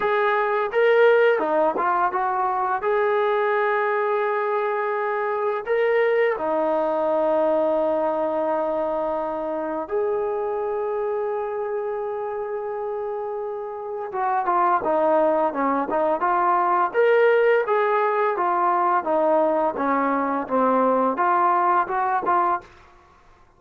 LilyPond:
\new Staff \with { instrumentName = "trombone" } { \time 4/4 \tempo 4 = 85 gis'4 ais'4 dis'8 f'8 fis'4 | gis'1 | ais'4 dis'2.~ | dis'2 gis'2~ |
gis'1 | fis'8 f'8 dis'4 cis'8 dis'8 f'4 | ais'4 gis'4 f'4 dis'4 | cis'4 c'4 f'4 fis'8 f'8 | }